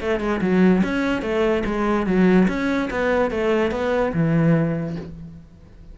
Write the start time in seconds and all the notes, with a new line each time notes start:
0.00 A3
0.20 G#3
0.41 F#3
0.83 C#4
1.22 A3
1.65 G#3
2.06 F#3
2.48 C#4
2.90 B3
3.30 A3
3.71 B3
4.13 E3